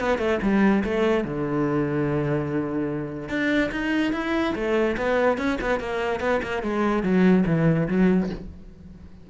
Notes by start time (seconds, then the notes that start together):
0.00 B3
0.19 A3
0.43 G3
0.85 A3
1.25 D3
3.29 D4
3.72 D#4
4.13 E4
4.55 A3
4.97 B3
5.38 C#4
5.61 B3
5.80 A#3
6.21 B3
6.43 A#3
6.63 G#3
7.03 F#3
7.47 E3
7.89 F#3